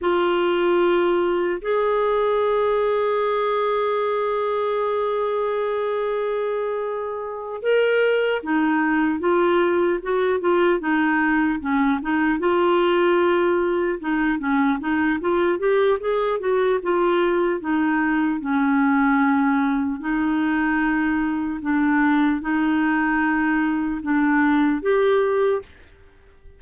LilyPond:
\new Staff \with { instrumentName = "clarinet" } { \time 4/4 \tempo 4 = 75 f'2 gis'2~ | gis'1~ | gis'4. ais'4 dis'4 f'8~ | f'8 fis'8 f'8 dis'4 cis'8 dis'8 f'8~ |
f'4. dis'8 cis'8 dis'8 f'8 g'8 | gis'8 fis'8 f'4 dis'4 cis'4~ | cis'4 dis'2 d'4 | dis'2 d'4 g'4 | }